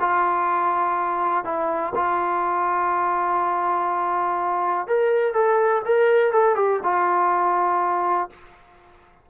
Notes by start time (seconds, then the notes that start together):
0.00 F4
1.44 E4
1.95 F4
4.87 A#4
5.33 A4
5.85 A#4
6.32 A4
6.56 G4
6.83 F4